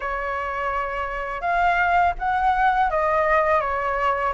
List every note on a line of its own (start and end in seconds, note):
0.00 1.41 C#5
1.41 2.13 F5
2.19 2.90 F#5
2.90 3.60 D#5
3.60 4.33 C#5